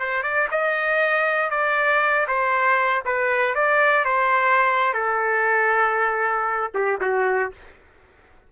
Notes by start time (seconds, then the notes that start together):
0.00 C5
0.23 D5
0.52 D#5
1.51 D5
2.28 C5
3.06 B4
3.55 D5
4.05 C5
4.94 A4
6.75 G4
7.01 F#4